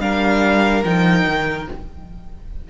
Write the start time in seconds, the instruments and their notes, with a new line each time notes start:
0.00 cello G3, viola D4, violin A#4 F5
0.84 cello F3, viola D#4, violin G5
1.26 cello D#3